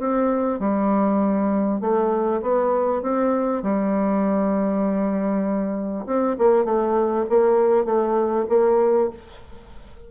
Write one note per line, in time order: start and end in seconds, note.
0.00 0.60 C4
0.60 1.81 G3
1.81 2.42 A3
2.42 3.02 B3
3.02 3.63 C4
3.63 6.05 G3
6.06 6.37 C4
6.39 6.65 A#3
6.65 7.26 A3
7.30 7.85 A#3
7.85 8.46 A3
8.50 9.10 A#3